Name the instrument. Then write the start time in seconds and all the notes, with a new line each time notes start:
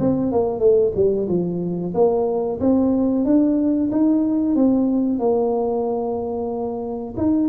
tuba
0.00 C4
0.32 A#3
0.60 A3
0.95 G3
1.29 F3
1.95 A#3
2.60 C4
3.25 D4
3.92 D#4
4.56 C4
5.19 A#3
7.17 D#4